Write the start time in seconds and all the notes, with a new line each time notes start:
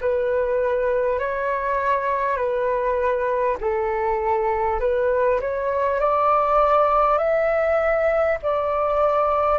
0.00 B4
1.19 C#5
2.37 B4
3.60 A4
4.79 B4
5.40 C#5
5.99 D5
7.17 E5
8.42 D5